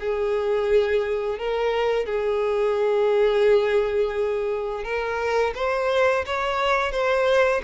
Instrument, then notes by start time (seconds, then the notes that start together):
violin
0.00 G#4
1.39 A#4
2.06 G#4
4.84 A#4
5.55 C5
6.26 C#5
6.92 C5